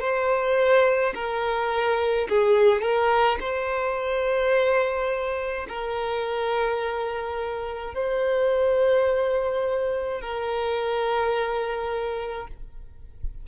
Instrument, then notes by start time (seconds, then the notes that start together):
violin
0.00 C5
1.14 A#4
2.28 G#4
2.81 A#4
3.40 C5
5.68 A#4
7.94 C5
10.20 A#4